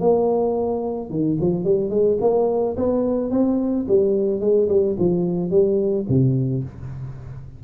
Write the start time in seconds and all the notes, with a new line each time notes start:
0.00 A#3
1.10 D#3
1.40 F3
1.64 G3
1.90 G#3
2.21 A#3
2.76 B3
3.31 C4
3.88 G3
4.40 G#3
4.68 G3
4.99 F3
5.50 G3
6.09 C3